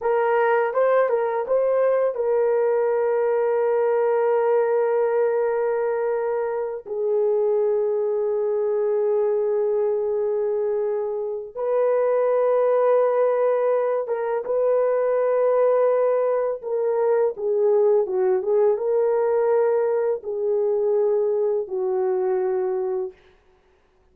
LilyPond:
\new Staff \with { instrumentName = "horn" } { \time 4/4 \tempo 4 = 83 ais'4 c''8 ais'8 c''4 ais'4~ | ais'1~ | ais'4. gis'2~ gis'8~ | gis'1 |
b'2.~ b'8 ais'8 | b'2. ais'4 | gis'4 fis'8 gis'8 ais'2 | gis'2 fis'2 | }